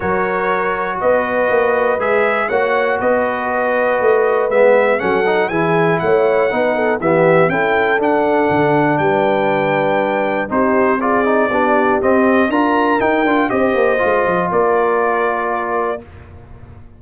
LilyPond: <<
  \new Staff \with { instrumentName = "trumpet" } { \time 4/4 \tempo 4 = 120 cis''2 dis''2 | e''4 fis''4 dis''2~ | dis''4 e''4 fis''4 gis''4 | fis''2 e''4 g''4 |
fis''2 g''2~ | g''4 c''4 d''2 | dis''4 ais''4 g''4 dis''4~ | dis''4 d''2. | }
  \new Staff \with { instrumentName = "horn" } { \time 4/4 ais'2 b'2~ | b'4 cis''4 b'2~ | b'2 a'4 gis'4 | cis''4 b'8 a'8 g'4 a'4~ |
a'2 b'2~ | b'4 g'4 gis'4 g'4~ | g'4 ais'2 c''4~ | c''4 ais'2. | }
  \new Staff \with { instrumentName = "trombone" } { \time 4/4 fis'1 | gis'4 fis'2.~ | fis'4 b4 cis'8 dis'8 e'4~ | e'4 dis'4 b4 e'4 |
d'1~ | d'4 dis'4 f'8 dis'8 d'4 | c'4 f'4 dis'8 f'8 g'4 | f'1 | }
  \new Staff \with { instrumentName = "tuba" } { \time 4/4 fis2 b4 ais4 | gis4 ais4 b2 | a4 gis4 fis4 e4 | a4 b4 e4 cis'4 |
d'4 d4 g2~ | g4 c'2 b4 | c'4 d'4 dis'8 d'8 c'8 ais8 | gis8 f8 ais2. | }
>>